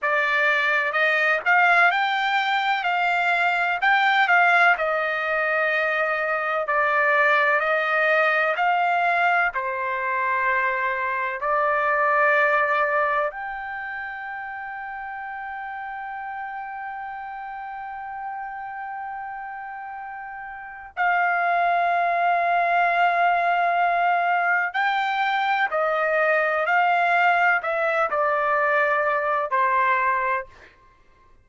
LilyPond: \new Staff \with { instrumentName = "trumpet" } { \time 4/4 \tempo 4 = 63 d''4 dis''8 f''8 g''4 f''4 | g''8 f''8 dis''2 d''4 | dis''4 f''4 c''2 | d''2 g''2~ |
g''1~ | g''2 f''2~ | f''2 g''4 dis''4 | f''4 e''8 d''4. c''4 | }